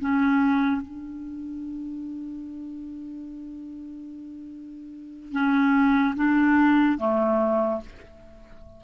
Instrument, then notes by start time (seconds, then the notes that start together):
clarinet
0.00 C#4
0.81 D4
5.32 C#4
6.16 D4
6.98 A3